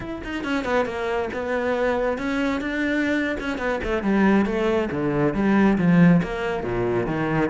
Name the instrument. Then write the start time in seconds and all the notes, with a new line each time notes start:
cello
0.00 E4
0.24 D#4
0.43 C#4
0.64 B3
0.85 A#3
1.33 B3
2.17 C#4
2.60 D4
3.39 C#4
3.58 B3
3.83 A3
4.02 G3
4.45 A3
4.91 D3
5.34 G3
5.78 F3
6.23 A#3
6.63 A#2
7.06 D#3